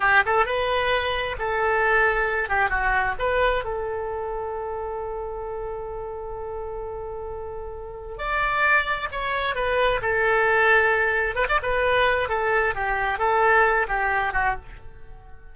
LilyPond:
\new Staff \with { instrumentName = "oboe" } { \time 4/4 \tempo 4 = 132 g'8 a'8 b'2 a'4~ | a'4. g'8 fis'4 b'4 | a'1~ | a'1~ |
a'2 d''2 | cis''4 b'4 a'2~ | a'4 b'16 d''16 b'4. a'4 | g'4 a'4. g'4 fis'8 | }